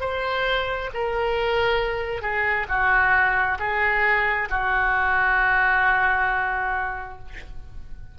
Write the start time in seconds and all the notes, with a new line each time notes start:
0.00 C5
0.94 A#4
2.22 G#4
2.69 F#4
3.59 G#4
4.50 F#4